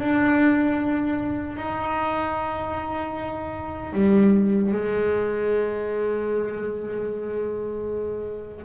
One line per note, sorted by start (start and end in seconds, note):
0.00 1.57 D4
1.57 3.93 D#4
3.93 4.72 G3
4.73 8.65 G#3